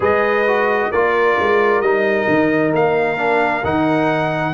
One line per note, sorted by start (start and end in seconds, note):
0.00 0.88 G#3
0.00 0.45 G#4
0.00 0.89 B4
0.00 0.91 D#5
0.47 0.93 F#4
0.90 1.38 A#3
0.90 1.84 F4
0.90 4.53 A#4
0.90 1.81 D5
1.39 1.81 G#3
1.81 2.26 G3
1.81 3.17 D#4
1.81 2.72 D#5
2.28 2.72 D#3
2.72 3.63 A#3
2.72 3.65 F5
3.17 3.62 D4
3.63 4.53 D#3
3.63 4.53 D#4
3.63 4.53 F#5